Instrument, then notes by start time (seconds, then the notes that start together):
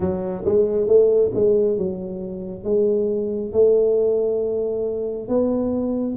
tuba
0.00 F#3
0.45 G#3
0.87 A3
1.34 G#3
1.77 F#3
2.64 G#3
3.52 A3
5.28 B3